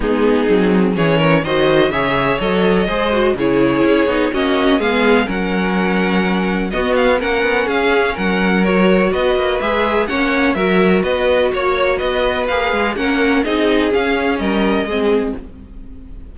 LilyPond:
<<
  \new Staff \with { instrumentName = "violin" } { \time 4/4 \tempo 4 = 125 gis'2 cis''4 dis''4 | e''4 dis''2 cis''4~ | cis''4 dis''4 f''4 fis''4~ | fis''2 dis''8 f''8 fis''4 |
f''4 fis''4 cis''4 dis''4 | e''4 fis''4 e''4 dis''4 | cis''4 dis''4 f''4 fis''4 | dis''4 f''4 dis''2 | }
  \new Staff \with { instrumentName = "violin" } { \time 4/4 dis'2 gis'8 ais'8 c''4 | cis''2 c''4 gis'4~ | gis'4 fis'4 gis'4 ais'4~ | ais'2 fis'4 ais'4 |
gis'4 ais'2 b'4~ | b'4 cis''4 ais'4 b'4 | cis''4 b'2 ais'4 | gis'2 ais'4 gis'4 | }
  \new Staff \with { instrumentName = "viola" } { \time 4/4 b4 c'4 cis'4 fis'4 | gis'4 a'4 gis'8 fis'8 e'4~ | e'8 dis'8 cis'4 b4 cis'4~ | cis'2 b4 cis'4~ |
cis'2 fis'2 | gis'4 cis'4 fis'2~ | fis'2 gis'4 cis'4 | dis'4 cis'2 c'4 | }
  \new Staff \with { instrumentName = "cello" } { \time 4/4 gis4 fis4 e4 dis4 | cis4 fis4 gis4 cis4 | cis'8 b8 ais4 gis4 fis4~ | fis2 b4 ais8 b8 |
cis'4 fis2 b8 ais8 | gis4 ais4 fis4 b4 | ais4 b4 ais8 gis8 ais4 | c'4 cis'4 g4 gis4 | }
>>